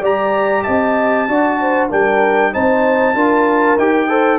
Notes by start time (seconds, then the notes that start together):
0.00 G3 G4 D5 A#5
0.63 C4 D#5 A5
1.28 D4 F#4 D5
1.60 C5
1.89 G3 D4 A#4 G5
2.52 C4 D#4 C5 A5
3.14 D4 F4 A#4
3.78 D#4 G4 G5
4.08 A4 C5